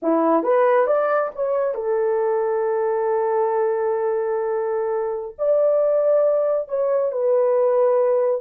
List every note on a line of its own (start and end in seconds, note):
0.02 0.43 E4
0.43 0.86 B4
0.86 1.30 D5
1.35 1.74 C#5
1.74 5.35 A4
5.38 6.68 D5
6.68 7.12 C#5
7.12 8.41 B4